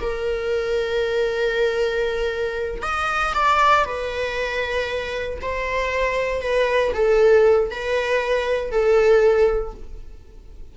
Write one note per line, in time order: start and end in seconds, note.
0.00 2.82 A#4
2.82 3.33 D#5
3.34 3.85 D5
3.85 5.39 B4
5.41 6.41 C5
6.41 6.93 B4
6.93 7.70 A4
7.71 8.71 B4
8.71 9.74 A4